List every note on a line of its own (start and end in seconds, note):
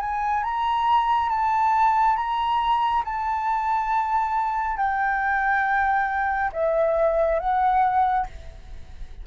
0.00 0.43 G#5
0.43 1.30 A#5
1.30 2.16 A5
2.16 3.03 A#5
3.05 4.77 A5
4.77 6.51 G5
6.53 7.40 E5
7.40 8.26 F#5